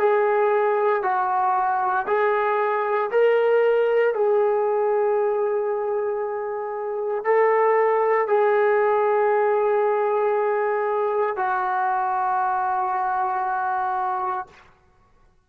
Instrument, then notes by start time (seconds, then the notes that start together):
trombone
0.00 G#4
1.03 F#4
2.08 G#4
3.11 A#4
4.15 G#4
7.25 A4
8.28 G#4
11.37 F#4